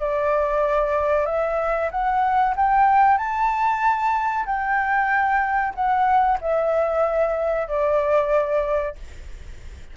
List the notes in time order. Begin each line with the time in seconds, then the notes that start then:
0.00 D5
1.26 E5
1.91 F#5
2.56 G5
3.18 A5
4.46 G5
5.75 F#5
6.41 E5
7.68 D5